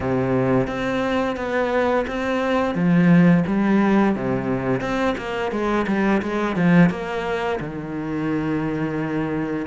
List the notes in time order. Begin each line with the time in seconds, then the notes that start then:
0.00 C3
0.67 C4
1.36 B3
2.07 C4
2.74 F3
3.46 G3
4.15 C3
4.80 C4
5.17 A#3
5.51 G#3
5.87 G3
6.22 G#3
6.55 F3
6.90 A#3
7.60 D#3